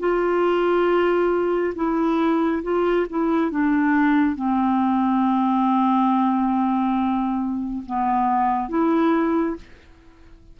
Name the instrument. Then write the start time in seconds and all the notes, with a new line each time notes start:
clarinet
0.00 F4
1.75 E4
2.63 F4
3.10 E4
3.51 D4
4.36 C4
7.86 B3
8.69 E4